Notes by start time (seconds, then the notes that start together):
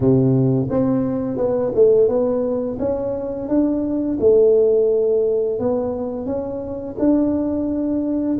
0.00 C3
0.70 C4
1.37 B3
1.74 A3
2.08 B3
2.79 C#4
3.48 D4
4.20 A3
5.59 B3
6.26 C#4
6.98 D4